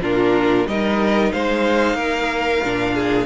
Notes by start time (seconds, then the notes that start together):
0.00 A#2 D4 F4 A#4
0.66 G3 D#4 A#4 D#5
1.32 G#3 C5 F5
1.94 A#3 A#4
2.64 A#2 D4
2.94 G#4